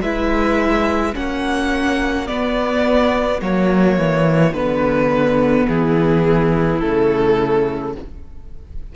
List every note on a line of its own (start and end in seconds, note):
0.00 1.13 G#3
0.00 1.13 E4
0.00 1.14 B4
0.00 1.14 E5
1.13 2.29 A#3
1.13 2.27 C#4
1.13 5.66 F#4
1.13 2.27 F#5
2.27 3.40 B3
2.27 3.41 B3
2.27 3.40 D5
3.41 3.98 F#3
3.41 4.55 A#3
3.41 4.53 C#5
3.98 4.53 E3
4.53 5.66 D3
4.53 6.82 B3
4.53 5.66 B4
5.66 6.81 E3
5.66 7.93 E4
5.66 6.79 G#4
6.79 7.95 C#3
6.79 7.95 A3
6.79 7.93 A4